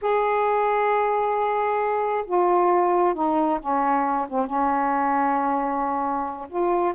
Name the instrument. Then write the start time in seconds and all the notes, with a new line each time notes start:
saxophone
0.01 G#4
2.26 F4
3.14 D#4
3.60 C#4
4.28 C4
4.46 C#4
6.49 F4